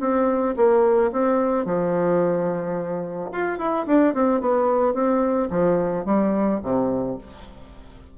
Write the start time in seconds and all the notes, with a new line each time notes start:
0.00 C4
0.56 A#3
1.12 C4
1.65 F3
3.32 F4
3.58 E4
3.86 D4
4.14 C4
4.41 B3
4.94 C4
5.50 F3
6.05 G3
6.63 C3